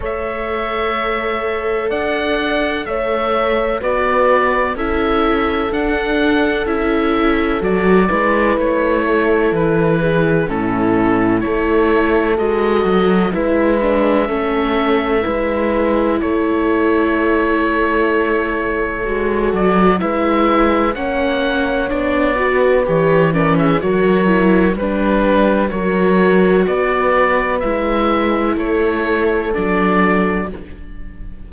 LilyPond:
<<
  \new Staff \with { instrumentName = "oboe" } { \time 4/4 \tempo 4 = 63 e''2 fis''4 e''4 | d''4 e''4 fis''4 e''4 | d''4 cis''4 b'4 a'4 | cis''4 dis''4 e''2~ |
e''4 cis''2.~ | cis''8 d''8 e''4 fis''4 d''4 | cis''8 d''16 e''16 cis''4 b'4 cis''4 | d''4 e''4 cis''4 d''4 | }
  \new Staff \with { instrumentName = "horn" } { \time 4/4 cis''2 d''4 cis''4 | b'4 a'2.~ | a'8 b'4 a'4 gis'8 e'4 | a'2 b'4 a'4 |
b'4 a'2.~ | a'4 b'4 cis''4. b'8~ | b'8 ais'16 gis'16 ais'4 b'4 ais'4 | b'2 a'2 | }
  \new Staff \with { instrumentName = "viola" } { \time 4/4 a'1 | fis'4 e'4 d'4 e'4 | fis'8 e'2~ e'8 cis'4 | e'4 fis'4 e'8 d'8 cis'4 |
e'1 | fis'4 e'4 cis'4 d'8 fis'8 | g'8 cis'8 fis'8 e'8 d'4 fis'4~ | fis'4 e'2 d'4 | }
  \new Staff \with { instrumentName = "cello" } { \time 4/4 a2 d'4 a4 | b4 cis'4 d'4 cis'4 | fis8 gis8 a4 e4 a,4 | a4 gis8 fis8 gis4 a4 |
gis4 a2. | gis8 fis8 gis4 ais4 b4 | e4 fis4 g4 fis4 | b4 gis4 a4 fis4 | }
>>